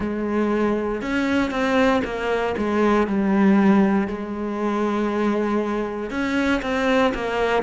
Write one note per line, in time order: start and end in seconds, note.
0.00 1.01 G#3
1.01 1.50 C#4
1.50 2.01 C4
2.04 2.55 A#3
2.57 3.07 G#3
3.07 4.07 G3
4.07 6.10 G#3
6.10 6.61 C#4
6.61 7.12 C4
7.14 7.62 A#3